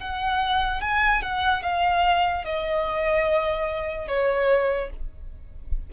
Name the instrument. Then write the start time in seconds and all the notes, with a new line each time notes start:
violin
0.00 F#5
0.81 G#5
1.22 F#5
1.63 F5
2.45 D#5
4.08 C#5